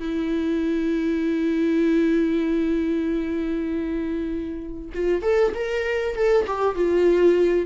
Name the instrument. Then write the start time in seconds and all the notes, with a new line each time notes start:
viola
0.00 E4
4.94 F4
5.22 A4
5.55 A#4
6.15 A4
6.47 G4
6.76 F4